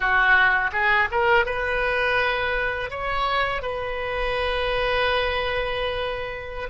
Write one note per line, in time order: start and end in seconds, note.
0.00 0.70 F#4
0.72 1.08 G#4
1.11 1.45 A#4
1.45 2.90 B4
2.90 3.62 C#5
3.62 6.69 B4